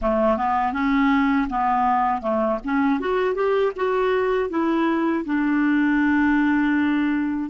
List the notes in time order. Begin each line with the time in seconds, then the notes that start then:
0.01 A3
0.37 B3
0.73 C#4
1.49 B3
2.21 A3
2.64 C#4
3.00 F#4
3.34 G4
3.76 F#4
4.49 E4
5.25 D4